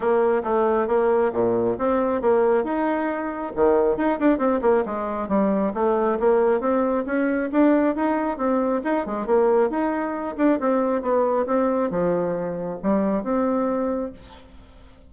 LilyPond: \new Staff \with { instrumentName = "bassoon" } { \time 4/4 \tempo 4 = 136 ais4 a4 ais4 ais,4 | c'4 ais4 dis'2 | dis4 dis'8 d'8 c'8 ais8 gis4 | g4 a4 ais4 c'4 |
cis'4 d'4 dis'4 c'4 | dis'8 gis8 ais4 dis'4. d'8 | c'4 b4 c'4 f4~ | f4 g4 c'2 | }